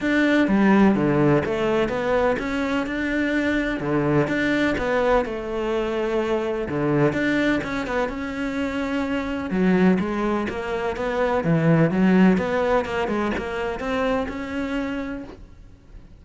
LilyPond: \new Staff \with { instrumentName = "cello" } { \time 4/4 \tempo 4 = 126 d'4 g4 d4 a4 | b4 cis'4 d'2 | d4 d'4 b4 a4~ | a2 d4 d'4 |
cis'8 b8 cis'2. | fis4 gis4 ais4 b4 | e4 fis4 b4 ais8 gis8 | ais4 c'4 cis'2 | }